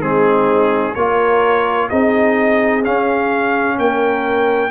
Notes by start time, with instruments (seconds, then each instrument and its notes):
0.00 tuba G#3, trombone C4, horn D#4, trumpet G#4
0.94 tuba A#3, trombone F4, horn A#4, trumpet C#5
1.88 tuba C4, trombone D#4, horn G#4, trumpet D#5
2.84 trombone C#4, tuba C#4, trumpet F5
3.78 tuba A#3, horn A#4, trumpet G5